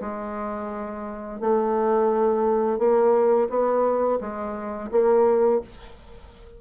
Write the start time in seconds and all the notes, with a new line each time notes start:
0.00 G#3
1.40 A3
2.78 A#3
3.49 B3
4.20 G#3
4.91 A#3